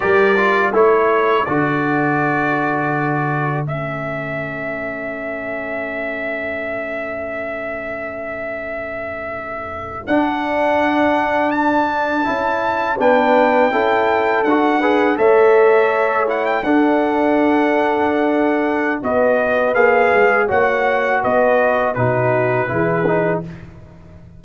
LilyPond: <<
  \new Staff \with { instrumentName = "trumpet" } { \time 4/4 \tempo 4 = 82 d''4 cis''4 d''2~ | d''4 e''2.~ | e''1~ | e''4.~ e''16 fis''2 a''16~ |
a''4.~ a''16 g''2 fis''16~ | fis''8. e''4. fis''16 g''16 fis''4~ fis''16~ | fis''2 dis''4 f''4 | fis''4 dis''4 b'2 | }
  \new Staff \with { instrumentName = "horn" } { \time 4/4 ais'4 a'2.~ | a'1~ | a'1~ | a'1~ |
a'4.~ a'16 b'4 a'4~ a'16~ | a'16 b'8 cis''2 a'4~ a'16~ | a'2 b'2 | cis''4 b'4 fis'4 gis'4 | }
  \new Staff \with { instrumentName = "trombone" } { \time 4/4 g'8 f'8 e'4 fis'2~ | fis'4 cis'2.~ | cis'1~ | cis'4.~ cis'16 d'2~ d'16~ |
d'8. e'4 d'4 e'4 fis'16~ | fis'16 gis'8 a'4. e'8 d'4~ d'16~ | d'2 fis'4 gis'4 | fis'2 dis'4 e'8 dis'8 | }
  \new Staff \with { instrumentName = "tuba" } { \time 4/4 g4 a4 d2~ | d4 a2.~ | a1~ | a4.~ a16 d'2~ d'16~ |
d'8. cis'4 b4 cis'4 d'16~ | d'8. a2 d'4~ d'16~ | d'2 b4 ais8 gis8 | ais4 b4 b,4 e4 | }
>>